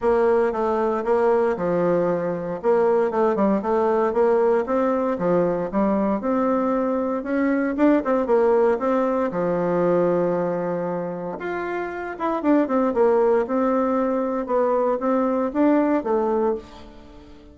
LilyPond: \new Staff \with { instrumentName = "bassoon" } { \time 4/4 \tempo 4 = 116 ais4 a4 ais4 f4~ | f4 ais4 a8 g8 a4 | ais4 c'4 f4 g4 | c'2 cis'4 d'8 c'8 |
ais4 c'4 f2~ | f2 f'4. e'8 | d'8 c'8 ais4 c'2 | b4 c'4 d'4 a4 | }